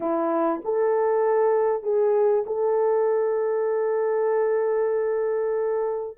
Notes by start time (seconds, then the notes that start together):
0.00 E4
0.64 A4
1.82 G#4
2.46 A4